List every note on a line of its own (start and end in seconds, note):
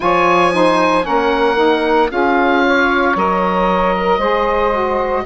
0.00 1.07 F3
0.00 0.51 F4
0.00 0.53 C#5
0.00 1.05 G#5
0.52 1.02 D#4
0.52 1.05 C5
1.02 2.11 A#3
1.02 1.55 C#4
1.02 2.10 A#4
1.02 2.10 F#5
1.55 2.08 D#4
2.09 3.15 C#4
2.09 3.14 F4
2.09 2.64 G#4
2.09 3.16 F5
2.66 3.95 C#5
3.15 4.18 F#3
3.15 4.20 A#4
3.15 5.25 D#5
3.95 4.18 A#4
4.18 5.23 G#3
4.18 4.72 G#4
4.18 5.23 C5
4.72 5.24 F#4